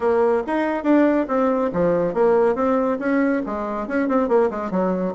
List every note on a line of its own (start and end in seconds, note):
0.00 0.42 A#3
0.46 0.83 D#4
0.83 1.26 D4
1.28 1.70 C4
1.72 2.14 F3
2.14 2.55 A#3
2.55 2.98 C4
2.99 3.42 C#4
3.46 3.87 G#3
3.87 4.08 C#4
4.08 4.28 C4
4.28 4.50 A#3
4.50 4.70 G#3
4.70 5.13 F#3